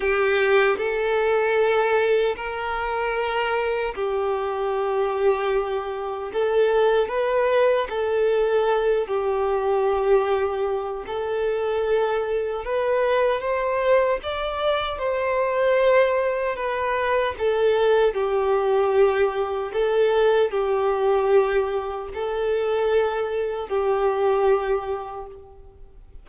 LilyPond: \new Staff \with { instrumentName = "violin" } { \time 4/4 \tempo 4 = 76 g'4 a'2 ais'4~ | ais'4 g'2. | a'4 b'4 a'4. g'8~ | g'2 a'2 |
b'4 c''4 d''4 c''4~ | c''4 b'4 a'4 g'4~ | g'4 a'4 g'2 | a'2 g'2 | }